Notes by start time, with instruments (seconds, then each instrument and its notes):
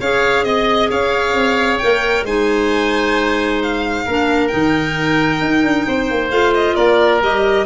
0.00 tuba C#4, clarinet G#4, oboe C#5, violin F5
0.44 tuba C4, violin D#5, oboe D#5
0.90 tuba C#4, oboe C#5, violin F5
1.33 tuba C4
1.78 tuba A#3, clarinet A#4, violin G5
2.23 tuba G#3, clarinet D#4, oboe C5, violin G#5
3.62 violin F5
4.06 tuba A#3, clarinet D4, oboe A#4
4.47 tuba D#3, clarinet D#4, violin G5
5.41 tuba D#4
5.64 tuba D4
5.87 tuba C4, oboe C5
6.10 tuba A#3
6.30 tuba A3, clarinet F4, violin F5
6.54 violin D#5
6.75 tuba A#3, oboe A#4, violin D5
7.22 tuba G3, clarinet G4, violin D#5